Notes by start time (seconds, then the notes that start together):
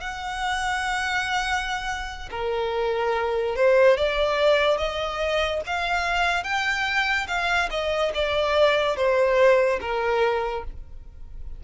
0.00 F#5
2.30 A#4
3.55 C5
3.97 D5
4.77 D#5
5.66 F5
6.44 G5
7.27 F5
7.70 D#5
8.14 D5
8.96 C5
9.81 A#4